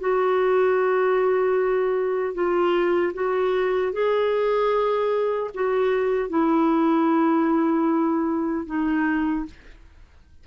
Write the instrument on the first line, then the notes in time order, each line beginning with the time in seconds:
clarinet
0.00 F#4
2.34 F4
3.14 F#4
3.93 G#4
5.54 F#4
6.30 E4
8.67 D#4